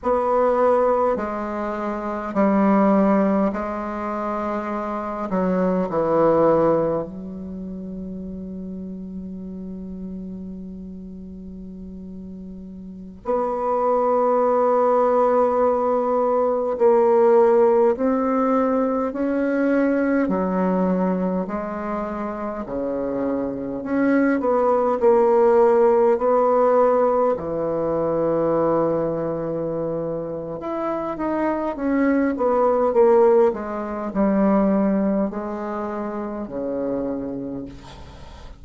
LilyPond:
\new Staff \with { instrumentName = "bassoon" } { \time 4/4 \tempo 4 = 51 b4 gis4 g4 gis4~ | gis8 fis8 e4 fis2~ | fis2.~ fis16 b8.~ | b2~ b16 ais4 c'8.~ |
c'16 cis'4 fis4 gis4 cis8.~ | cis16 cis'8 b8 ais4 b4 e8.~ | e2 e'8 dis'8 cis'8 b8 | ais8 gis8 g4 gis4 cis4 | }